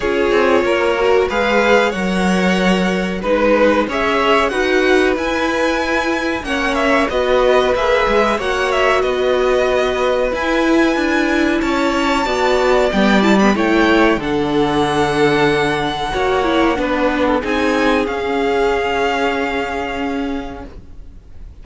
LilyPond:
<<
  \new Staff \with { instrumentName = "violin" } { \time 4/4 \tempo 4 = 93 cis''2 f''4 fis''4~ | fis''4 b'4 e''4 fis''4 | gis''2 fis''8 e''8 dis''4 | e''4 fis''8 e''8 dis''2 |
gis''2 a''2 | g''8 a''16 b''16 g''4 fis''2~ | fis''2. gis''4 | f''1 | }
  \new Staff \with { instrumentName = "violin" } { \time 4/4 gis'4 ais'4 b'4 cis''4~ | cis''4 b'4 cis''4 b'4~ | b'2 cis''4 b'4~ | b'4 cis''4 b'2~ |
b'2 cis''4 d''4~ | d''4 cis''4 a'2~ | a'4 cis''4 b'8. a'16 gis'4~ | gis'1 | }
  \new Staff \with { instrumentName = "viola" } { \time 4/4 f'4. fis'8 gis'4 ais'4~ | ais'4 dis'4 gis'4 fis'4 | e'2 cis'4 fis'4 | gis'4 fis'2. |
e'2. fis'4 | b8 e'16 b16 e'4 d'2~ | d'4 fis'8 e'8 d'4 dis'4 | cis'1 | }
  \new Staff \with { instrumentName = "cello" } { \time 4/4 cis'8 c'8 ais4 gis4 fis4~ | fis4 gis4 cis'4 dis'4 | e'2 ais4 b4 | ais8 gis8 ais4 b2 |
e'4 d'4 cis'4 b4 | g4 a4 d2~ | d4 ais4 b4 c'4 | cis'1 | }
>>